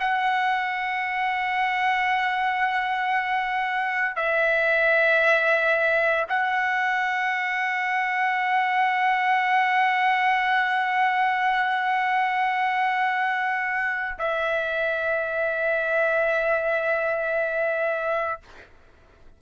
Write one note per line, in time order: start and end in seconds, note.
0.00 4.16 F#5
4.16 6.27 E5
6.29 14.19 F#5
14.19 18.40 E5